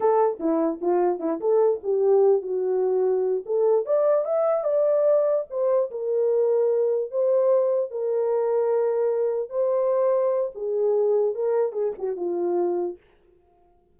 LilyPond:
\new Staff \with { instrumentName = "horn" } { \time 4/4 \tempo 4 = 148 a'4 e'4 f'4 e'8 a'8~ | a'8 g'4. fis'2~ | fis'8 a'4 d''4 e''4 d''8~ | d''4. c''4 ais'4.~ |
ais'4. c''2 ais'8~ | ais'2.~ ais'8 c''8~ | c''2 gis'2 | ais'4 gis'8 fis'8 f'2 | }